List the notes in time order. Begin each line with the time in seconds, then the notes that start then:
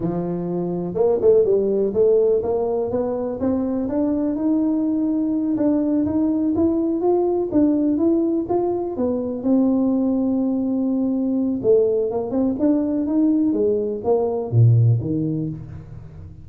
0.00 F3
0.94 A#3
1.21 A3
1.44 G3
1.93 A3
2.42 A#3
2.90 B3
3.39 C4
3.88 D4
4.35 D#4
5.56 D4
6.05 D#4
6.55 E4
7.00 F4
7.51 D4
7.97 E4
8.49 F4
8.96 B3
9.42 C4
11.62 A3
12.10 A#3
12.31 C4
12.59 D4
13.06 D#4
13.52 G#3
14.04 A#3
14.51 A#2
15.00 D#3